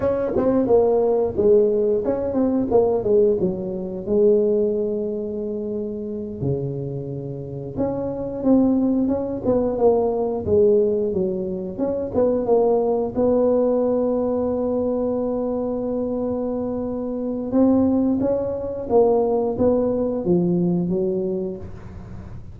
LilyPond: \new Staff \with { instrumentName = "tuba" } { \time 4/4 \tempo 4 = 89 cis'8 c'8 ais4 gis4 cis'8 c'8 | ais8 gis8 fis4 gis2~ | gis4. cis2 cis'8~ | cis'8 c'4 cis'8 b8 ais4 gis8~ |
gis8 fis4 cis'8 b8 ais4 b8~ | b1~ | b2 c'4 cis'4 | ais4 b4 f4 fis4 | }